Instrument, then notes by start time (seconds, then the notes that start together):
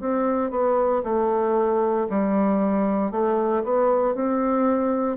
bassoon
0.00 C4
0.51 B3
1.04 A3
2.10 G3
3.11 A3
3.64 B3
4.15 C4